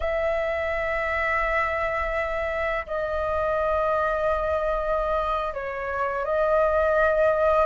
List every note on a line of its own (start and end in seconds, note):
0.00 2.86 E5
2.86 5.53 D#5
5.53 6.25 C#5
6.25 7.66 D#5